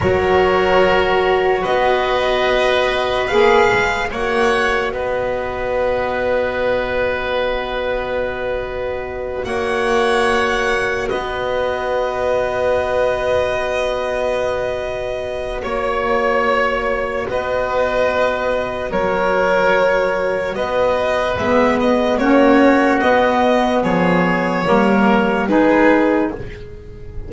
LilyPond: <<
  \new Staff \with { instrumentName = "violin" } { \time 4/4 \tempo 4 = 73 cis''2 dis''2 | f''4 fis''4 dis''2~ | dis''2.~ dis''8 fis''8~ | fis''4. dis''2~ dis''8~ |
dis''2. cis''4~ | cis''4 dis''2 cis''4~ | cis''4 dis''4 e''8 dis''8 cis''4 | dis''4 cis''2 b'4 | }
  \new Staff \with { instrumentName = "oboe" } { \time 4/4 ais'2 b'2~ | b'4 cis''4 b'2~ | b'2.~ b'8 cis''8~ | cis''4. b'2~ b'8~ |
b'2. cis''4~ | cis''4 b'2 ais'4~ | ais'4 b'2 fis'4~ | fis'4 gis'4 ais'4 gis'4 | }
  \new Staff \with { instrumentName = "saxophone" } { \time 4/4 fis'1 | gis'4 fis'2.~ | fis'1~ | fis'1~ |
fis'1~ | fis'1~ | fis'2 b4 cis'4 | b2 ais4 dis'4 | }
  \new Staff \with { instrumentName = "double bass" } { \time 4/4 fis2 b2 | ais8 gis8 ais4 b2~ | b2.~ b8 ais8~ | ais4. b2~ b8~ |
b2. ais4~ | ais4 b2 fis4~ | fis4 b4 gis4 ais4 | b4 f4 g4 gis4 | }
>>